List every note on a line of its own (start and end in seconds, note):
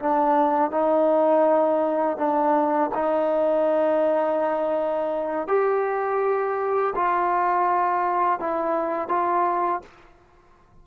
0.00 0.71 D4
0.71 2.18 D#4
2.18 2.91 D4
2.95 5.48 D#4
5.48 6.94 G4
6.96 8.40 F4
8.40 9.09 E4
9.09 9.82 F4